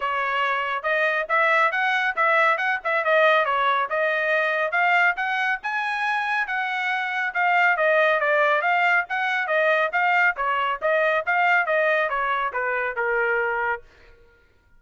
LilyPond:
\new Staff \with { instrumentName = "trumpet" } { \time 4/4 \tempo 4 = 139 cis''2 dis''4 e''4 | fis''4 e''4 fis''8 e''8 dis''4 | cis''4 dis''2 f''4 | fis''4 gis''2 fis''4~ |
fis''4 f''4 dis''4 d''4 | f''4 fis''4 dis''4 f''4 | cis''4 dis''4 f''4 dis''4 | cis''4 b'4 ais'2 | }